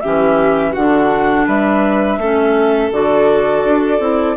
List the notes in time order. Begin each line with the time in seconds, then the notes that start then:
0.00 E3 C#4 G4 E5
0.72 D3 D4 F#4 F#5
1.46 G3 B4 E5
2.17 A3 C#4 A4
2.91 D3 F#4 D5
3.64 D4
3.99 C4 E4